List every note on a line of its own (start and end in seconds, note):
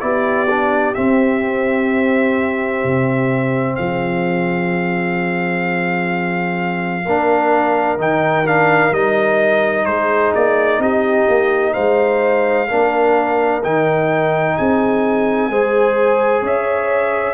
0.00 0.96 B3
0.00 0.47 E4
0.00 3.77 G4
0.00 0.94 D5
0.49 0.94 D4
0.94 7.03 C4
0.94 2.83 C4
0.94 3.75 E5
2.83 3.77 C3
3.75 7.05 F3
3.75 7.05 G#4
3.75 7.97 F5
7.05 7.98 A#3
7.05 7.97 D4
7.05 9.86 A#4
7.97 8.91 D#3
7.97 8.44 D#4
7.97 8.47 G5
8.45 8.92 D4
8.45 8.93 F5
8.92 9.85 G3
8.92 12.67 D#4
8.92 9.85 D#5
9.85 10.32 G#3
9.85 10.80 G#4
9.85 10.32 C5
10.34 10.79 A#3
10.34 10.81 D5
10.79 11.25 C4
10.79 11.73 G4
10.79 11.73 D#5
11.28 11.75 A#3
11.73 12.70 G#3
11.73 12.67 C5
11.73 13.61 F5
12.67 13.64 A#3
12.67 13.62 D4
12.67 14.55 A#4
13.63 14.58 D#3
13.63 15.51 D#4
13.63 14.57 G5
14.57 15.49 C4
14.57 15.50 G#4
14.57 16.44 G#5
15.49 16.42 G#3
15.49 17.33 G#4
15.49 16.41 C5
16.41 17.33 C#4
16.41 17.33 C#5
16.41 17.33 E5